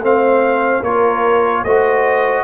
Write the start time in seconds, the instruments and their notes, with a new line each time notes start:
0.00 tuba A3, trombone C4, horn C5, trumpet F5
0.82 tuba A#3, trombone F4, horn A#4, trumpet C#5
1.64 tuba A3, trombone F#4, horn C5, trumpet D#5